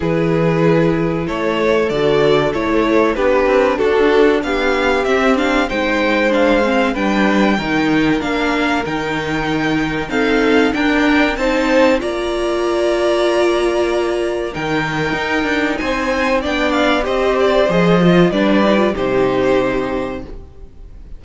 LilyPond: <<
  \new Staff \with { instrumentName = "violin" } { \time 4/4 \tempo 4 = 95 b'2 cis''4 d''4 | cis''4 b'4 a'4 f''4 | e''8 f''8 g''4 f''4 g''4~ | g''4 f''4 g''2 |
f''4 g''4 a''4 ais''4~ | ais''2. g''4~ | g''4 gis''4 g''8 f''8 dis''8 d''8 | dis''4 d''4 c''2 | }
  \new Staff \with { instrumentName = "violin" } { \time 4/4 gis'2 a'2~ | a'4 g'4 fis'4 g'4~ | g'4 c''2 b'4 | ais'1 |
a'4 ais'4 c''4 d''4~ | d''2. ais'4~ | ais'4 c''4 d''4 c''4~ | c''4 b'4 g'2 | }
  \new Staff \with { instrumentName = "viola" } { \time 4/4 e'2. fis'4 | e'4 d'2. | c'8 d'8 dis'4 d'8 c'8 d'4 | dis'4 d'4 dis'2 |
c'4 d'4 dis'4 f'4~ | f'2. dis'4~ | dis'2 d'4 g'4 | gis'8 f'8 d'8 dis'16 f'16 dis'2 | }
  \new Staff \with { instrumentName = "cello" } { \time 4/4 e2 a4 d4 | a4 b8 c'8 d'4 b4 | c'4 gis2 g4 | dis4 ais4 dis2 |
dis'4 d'4 c'4 ais4~ | ais2. dis4 | dis'8 d'8 c'4 b4 c'4 | f4 g4 c2 | }
>>